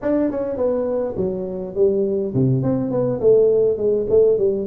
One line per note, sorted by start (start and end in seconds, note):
0.02 0.30 D4
0.30 0.56 C#4
0.56 1.15 B3
1.17 1.75 F#3
1.75 2.33 G3
2.34 2.62 C3
2.62 2.90 C4
2.90 3.20 B3
3.20 3.77 A3
3.77 4.06 G#3
4.09 4.37 A3
4.37 4.67 G3